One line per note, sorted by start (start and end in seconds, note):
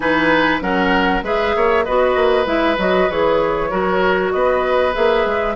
0.00 0.61 E3
0.00 0.61 D#4
0.00 0.62 B4
0.00 0.60 G#5
0.61 1.22 F#3
0.61 1.22 C#4
0.61 1.24 A#4
0.61 1.23 F#5
1.22 1.53 G#3
1.22 1.85 G#4
1.22 1.55 B4
1.22 1.84 E5
1.56 1.87 A#3
1.56 1.84 C#5
1.84 2.15 B3
1.84 2.45 F#4
1.84 3.70 B4
1.84 2.46 D#5
2.15 2.46 A#3
2.45 2.77 G#3
2.45 2.76 E4
2.45 2.77 E5
2.78 3.09 F#3
2.78 3.09 F#4
2.78 3.10 D#5
3.09 3.71 E3
3.09 3.69 G#4
3.09 4.31 C#5
3.69 4.33 F#3
3.69 4.92 F#4
3.69 4.32 A#4
4.31 4.95 B3
4.31 5.56 B4
4.31 4.93 D#5
4.92 5.25 A#3
4.92 5.54 G#4
4.92 5.56 E5
5.25 5.56 G#3